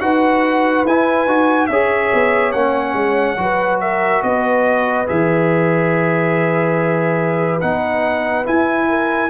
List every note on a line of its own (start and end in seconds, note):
0.00 0.85 D#4
0.00 0.85 F#4
0.00 1.70 B4
0.00 0.85 F#5
0.85 1.26 E4
0.85 1.28 E4
0.85 1.67 G#5
1.26 1.69 D#4
1.26 1.70 F#4
1.67 2.12 C#4
1.67 2.55 G#4
1.67 3.39 C#5
1.67 2.52 E5
2.14 2.54 B3
2.52 2.94 A#3
2.52 3.37 C#4
2.52 3.79 F#5
2.94 3.36 G#3
3.37 4.22 F#3
3.37 5.06 F#4
3.37 3.82 B4
3.80 4.24 A#4
3.80 4.23 E5
4.23 5.07 B3
4.23 8.89 B4
4.23 5.07 D#5
5.07 7.62 E3
5.07 7.60 G#4
5.07 7.61 E5
7.61 8.47 B3
7.61 8.44 D#4
7.61 8.45 F#5
8.44 9.29 E4
8.44 9.30 E4
8.44 9.30 G#5
8.89 9.30 A#4